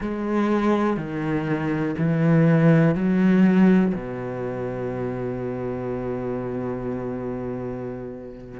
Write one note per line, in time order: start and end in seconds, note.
0.00 0.97 G#3
0.97 1.95 D#3
1.98 2.94 E3
2.94 3.93 F#3
3.94 8.60 B2